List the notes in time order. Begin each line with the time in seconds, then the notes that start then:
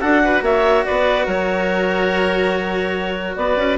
0.00 D4 F#4 A4 F#5
0.24 B4
0.42 A#3 C#5 E5
0.85 B3 B4 D5
1.26 F#3 A#4 C#5
3.36 B3 B4 D5
3.57 C#4